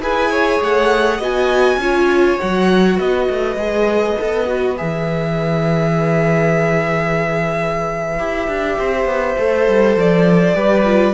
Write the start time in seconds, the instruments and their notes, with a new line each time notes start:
0.00 cello E4, viola G#4, violin B4 G#5
0.31 violin C#5
0.61 cello A3, violin F#5
1.18 cello B3, viola F#4, violin D#5 G#5
1.77 cello C#4, viola F4, violin C#5
2.38 cello F#3, viola F#4, violin F#5
2.97 cello B3, violin B4 D#5
3.30 cello A3
3.56 cello G#3, viola G#4
4.18 cello B3, viola A4
4.47 viola F#4
4.77 cello E3, viola G#4, violin E5
8.19 cello E4, viola G4
8.48 cello D4
8.79 cello C4, violin C5
9.06 cello B3
9.38 cello A3, viola A4
9.68 cello G3
9.96 cello F3, violin D5
10.55 cello G3, viola G4, violin B4
10.85 viola F4